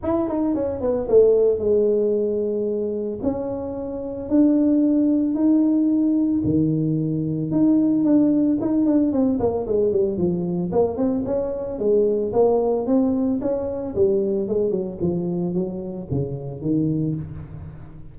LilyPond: \new Staff \with { instrumentName = "tuba" } { \time 4/4 \tempo 4 = 112 e'8 dis'8 cis'8 b8 a4 gis4~ | gis2 cis'2 | d'2 dis'2 | dis2 dis'4 d'4 |
dis'8 d'8 c'8 ais8 gis8 g8 f4 | ais8 c'8 cis'4 gis4 ais4 | c'4 cis'4 g4 gis8 fis8 | f4 fis4 cis4 dis4 | }